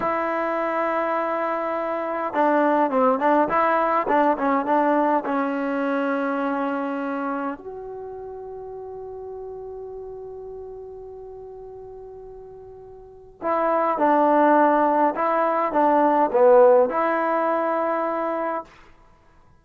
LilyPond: \new Staff \with { instrumentName = "trombone" } { \time 4/4 \tempo 4 = 103 e'1 | d'4 c'8 d'8 e'4 d'8 cis'8 | d'4 cis'2.~ | cis'4 fis'2.~ |
fis'1~ | fis'2. e'4 | d'2 e'4 d'4 | b4 e'2. | }